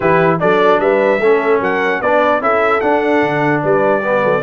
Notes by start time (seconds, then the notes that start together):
0.00 E3 E4 G4 B4
0.39 F#3 D4 A4 D5
0.79 G3 B4 E5
1.19 A3 C#4 A4
1.60 F#3 A#4 F#5
2.01 B3 D4 B4 D5
2.40 C#4 E4 A4 E5
2.80 D4 F#5
3.22 D3
3.62 G3 B4 D5
4.00 B3 G4
4.23 F#3 A4